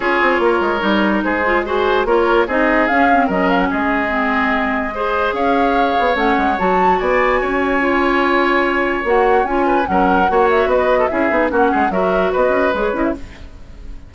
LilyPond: <<
  \new Staff \with { instrumentName = "flute" } { \time 4/4 \tempo 4 = 146 cis''2. c''4 | gis'4 cis''4 dis''4 f''4 | dis''8 f''16 fis''16 dis''2.~ | dis''4 f''2 fis''4 |
a''4 gis''2.~ | gis''2 fis''4 gis''4 | fis''4. e''8 dis''4 e''4 | fis''4 e''4 dis''4 cis''8 dis''16 e''16 | }
  \new Staff \with { instrumentName = "oboe" } { \time 4/4 gis'4 ais'2 gis'4 | c''4 ais'4 gis'2 | ais'4 gis'2. | c''4 cis''2.~ |
cis''4 d''4 cis''2~ | cis''2.~ cis''8 b'8 | ais'4 cis''4 b'8. a'16 gis'4 | fis'8 gis'8 ais'4 b'2 | }
  \new Staff \with { instrumentName = "clarinet" } { \time 4/4 f'2 dis'4. f'8 | fis'4 f'4 dis'4 cis'8 c'8 | cis'2 c'2 | gis'2. cis'4 |
fis'2. f'4~ | f'2 fis'4 f'4 | cis'4 fis'2 e'8 dis'8 | cis'4 fis'2 gis'8 e'8 | }
  \new Staff \with { instrumentName = "bassoon" } { \time 4/4 cis'8 c'8 ais8 gis8 g4 gis4~ | gis4 ais4 c'4 cis'4 | fis4 gis2.~ | gis4 cis'4. b8 a8 gis8 |
fis4 b4 cis'2~ | cis'2 ais4 cis'4 | fis4 ais4 b4 cis'8 b8 | ais8 gis8 fis4 b8 cis'8 gis8 cis'8 | }
>>